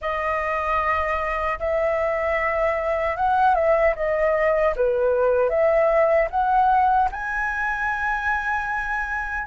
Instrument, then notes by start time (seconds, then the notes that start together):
flute
0.01 D#5
1.59 E5
3.16 F#5
3.55 E5
3.95 D#5
4.75 B4
5.49 E5
6.30 F#5
7.11 G#5